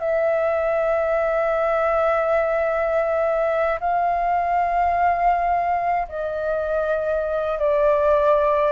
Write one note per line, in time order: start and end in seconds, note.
0.00 3.80 E5
3.80 6.08 F5
6.09 7.59 D#5
7.59 8.73 D5